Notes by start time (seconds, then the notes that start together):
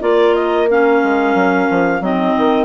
0.00 A#3 F4 A#4 D5
0.34 D#5
0.70 C#4 F5
1.03 G#3
1.34 F#3
1.70 F3
2.00 F#3 C4 D#4 D#5
2.37 D#3